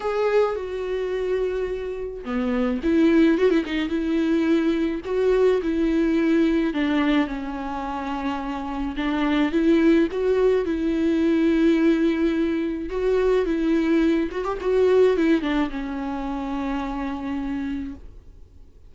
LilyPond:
\new Staff \with { instrumentName = "viola" } { \time 4/4 \tempo 4 = 107 gis'4 fis'2. | b4 e'4 fis'16 e'16 dis'8 e'4~ | e'4 fis'4 e'2 | d'4 cis'2. |
d'4 e'4 fis'4 e'4~ | e'2. fis'4 | e'4. fis'16 g'16 fis'4 e'8 d'8 | cis'1 | }